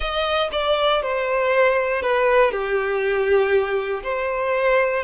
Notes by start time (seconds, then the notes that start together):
0.00 D#5
0.52 D5
1.02 C5
2.02 B4
2.51 G4
4.03 C5